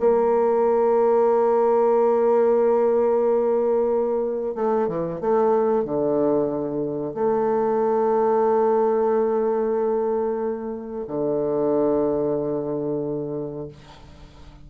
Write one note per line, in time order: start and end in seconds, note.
0.00 4.55 A#3
4.55 4.88 A3
4.88 5.21 E3
5.21 5.85 A3
5.85 7.15 D3
7.15 11.06 A3
11.08 13.69 D3